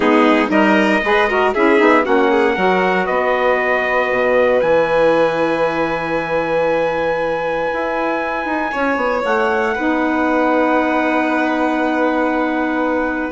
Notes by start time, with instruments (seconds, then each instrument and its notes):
0.00 bassoon G#3, saxophone B3, violin D#4, trumpet G#4
0.48 bassoon G3, saxophone D#4, violin A#4, trumpet D#5
1.03 bassoon G#3, saxophone G#4, violin B4
1.28 saxophone F#4, violin A#4
1.54 bassoon C#4, saxophone E4, violin G#4, trumpet E5
1.77 bassoon B3, saxophone D#4
2.04 bassoon A#3, saxophone C#4, violin F#4, trumpet F#5
2.30 violin G#4
2.55 bassoon F#3, saxophone F#4, violin A#4
3.05 bassoon B3, violin B4, trumpet D#5
4.10 bassoon B2
4.60 bassoon E3, saxophone E4, trumpet G#5
7.73 bassoon E4
8.45 bassoon D#4
8.71 bassoon C#4, violin C#5
8.96 bassoon B3
9.24 bassoon A3, trumpet F#5
9.75 bassoon B3, saxophone D#4, violin B4